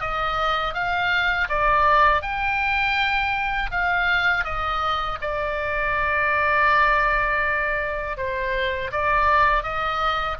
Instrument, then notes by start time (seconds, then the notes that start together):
oboe
0.00 D#5
0.73 F5
1.49 D5
2.22 G5
3.71 F5
4.44 D#5
5.21 D5
8.17 C5
8.91 D5
9.63 D#5